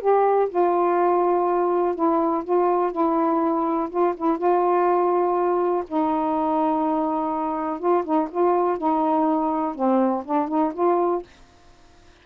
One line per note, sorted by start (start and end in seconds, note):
0.00 0.49 G4
0.49 1.95 F4
1.95 2.43 E4
2.44 2.92 F4
2.92 3.89 E4
3.90 4.14 F4
4.17 4.37 E4
4.37 5.84 F4
5.87 7.79 D#4
7.79 8.04 F4
8.04 8.28 D#4
8.31 8.77 F4
8.77 9.75 D#4
9.75 10.23 C4
10.25 10.48 D4
10.48 10.72 D#4
10.74 11.22 F4